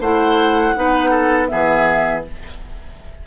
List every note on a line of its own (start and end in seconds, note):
0.00 0.74 A3
0.00 0.75 E4
0.00 0.74 C5
0.00 1.47 F#5
0.75 1.50 B3
0.75 1.48 D#4
0.75 1.10 B4
1.10 1.47 A4
1.47 2.26 E3
1.47 2.22 B3
1.47 2.25 G#4
1.47 2.21 E5